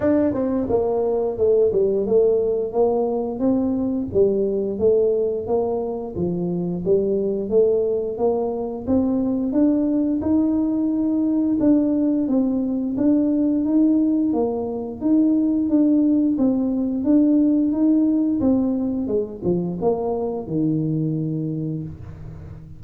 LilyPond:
\new Staff \with { instrumentName = "tuba" } { \time 4/4 \tempo 4 = 88 d'8 c'8 ais4 a8 g8 a4 | ais4 c'4 g4 a4 | ais4 f4 g4 a4 | ais4 c'4 d'4 dis'4~ |
dis'4 d'4 c'4 d'4 | dis'4 ais4 dis'4 d'4 | c'4 d'4 dis'4 c'4 | gis8 f8 ais4 dis2 | }